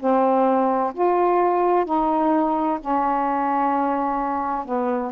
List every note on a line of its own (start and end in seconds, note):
0.00 0.94 C4
0.95 1.86 F4
1.86 2.80 D#4
2.81 4.66 C#4
4.66 5.12 B3